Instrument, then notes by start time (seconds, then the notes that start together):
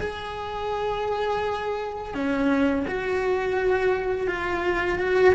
cello
0.00 G#4
2.14 C#4
2.87 F#4
4.27 F4
4.98 F#4